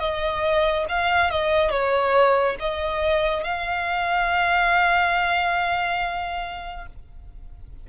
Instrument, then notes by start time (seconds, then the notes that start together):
violin
0.00 D#5
0.89 F5
1.31 D#5
1.71 C#5
2.60 D#5
3.44 F5